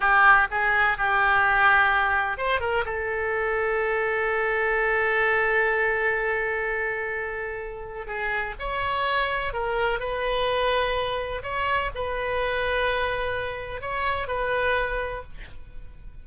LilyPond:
\new Staff \with { instrumentName = "oboe" } { \time 4/4 \tempo 4 = 126 g'4 gis'4 g'2~ | g'4 c''8 ais'8 a'2~ | a'1~ | a'1~ |
a'4 gis'4 cis''2 | ais'4 b'2. | cis''4 b'2.~ | b'4 cis''4 b'2 | }